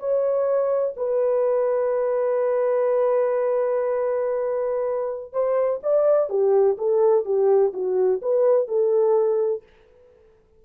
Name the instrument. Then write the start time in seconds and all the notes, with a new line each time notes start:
horn
0.00 C#5
0.97 B4
5.33 C5
5.83 D5
6.30 G4
6.78 A4
7.26 G4
7.74 F#4
8.22 B4
8.68 A4